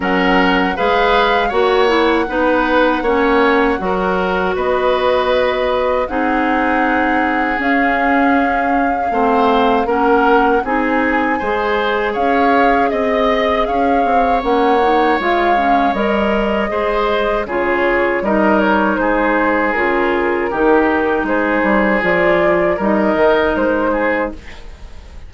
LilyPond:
<<
  \new Staff \with { instrumentName = "flute" } { \time 4/4 \tempo 4 = 79 fis''4 f''4 fis''2~ | fis''2 dis''2 | fis''2 f''2~ | f''4 fis''4 gis''2 |
f''4 dis''4 f''4 fis''4 | f''4 dis''2 cis''4 | dis''8 cis''8 c''4 ais'2 | c''4 d''4 dis''4 c''4 | }
  \new Staff \with { instrumentName = "oboe" } { \time 4/4 ais'4 b'4 cis''4 b'4 | cis''4 ais'4 b'2 | gis'1 | c''4 ais'4 gis'4 c''4 |
cis''4 dis''4 cis''2~ | cis''2 c''4 gis'4 | ais'4 gis'2 g'4 | gis'2 ais'4. gis'8 | }
  \new Staff \with { instrumentName = "clarinet" } { \time 4/4 cis'4 gis'4 fis'8 e'8 dis'4 | cis'4 fis'2. | dis'2 cis'2 | c'4 cis'4 dis'4 gis'4~ |
gis'2. cis'8 dis'8 | f'8 cis'8 ais'4 gis'4 f'4 | dis'2 f'4 dis'4~ | dis'4 f'4 dis'2 | }
  \new Staff \with { instrumentName = "bassoon" } { \time 4/4 fis4 gis4 ais4 b4 | ais4 fis4 b2 | c'2 cis'2 | a4 ais4 c'4 gis4 |
cis'4 c'4 cis'8 c'8 ais4 | gis4 g4 gis4 cis4 | g4 gis4 cis4 dis4 | gis8 g8 f4 g8 dis8 gis4 | }
>>